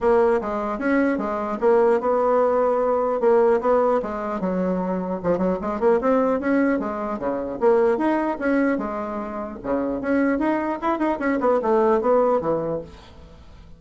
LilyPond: \new Staff \with { instrumentName = "bassoon" } { \time 4/4 \tempo 4 = 150 ais4 gis4 cis'4 gis4 | ais4 b2. | ais4 b4 gis4 fis4~ | fis4 f8 fis8 gis8 ais8 c'4 |
cis'4 gis4 cis4 ais4 | dis'4 cis'4 gis2 | cis4 cis'4 dis'4 e'8 dis'8 | cis'8 b8 a4 b4 e4 | }